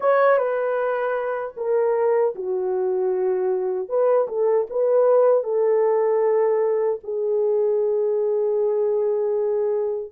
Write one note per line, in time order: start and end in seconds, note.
0.00 0.37 C#5
0.37 1.54 B4
1.56 2.34 A#4
2.35 3.88 F#4
3.88 4.27 B4
4.28 4.66 A4
4.70 5.43 B4
5.43 6.99 A4
7.03 10.12 G#4